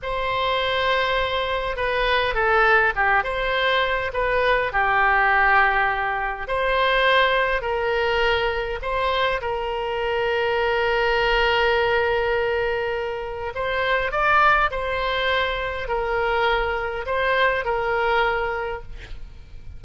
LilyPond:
\new Staff \with { instrumentName = "oboe" } { \time 4/4 \tempo 4 = 102 c''2. b'4 | a'4 g'8 c''4. b'4 | g'2. c''4~ | c''4 ais'2 c''4 |
ais'1~ | ais'2. c''4 | d''4 c''2 ais'4~ | ais'4 c''4 ais'2 | }